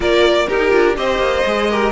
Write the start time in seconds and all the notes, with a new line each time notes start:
0.00 A#3 F4 A#4 D5
0.47 D#4 G4 A#4
0.70 D4 F4
0.95 C4 G4 C5 D#5
1.18 A#3
1.46 G#3 G#4
1.70 G4 A#4